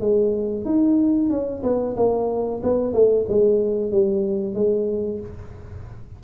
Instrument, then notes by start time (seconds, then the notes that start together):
tuba
0.00 G#3
0.65 D#4
1.30 C#4
1.63 B3
1.97 A#3
2.63 B3
2.93 A3
3.29 G#3
3.91 G3
4.54 G#3